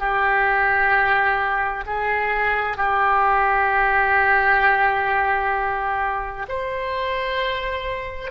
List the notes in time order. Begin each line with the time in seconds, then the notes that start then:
0.00 G4
1.86 G#4
2.77 G4
6.49 C5